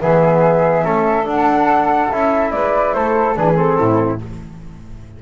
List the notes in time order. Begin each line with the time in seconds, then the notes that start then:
0.00 E3 B3 G#4 E5
0.84 A3 C#4 A4
1.25 D4 F#5
2.11 C#4 E4 E5
2.52 G#3 B4 D5
2.93 A3 A4 C5
3.36 E3 D4 G#4 B4
3.55 C4 A4
3.80 A2 E4